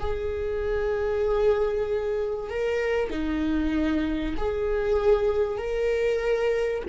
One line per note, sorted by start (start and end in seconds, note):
0.00 2.50 G#4
2.50 3.10 A#4
3.10 4.35 D#4
4.38 5.58 G#4
5.58 6.83 A#4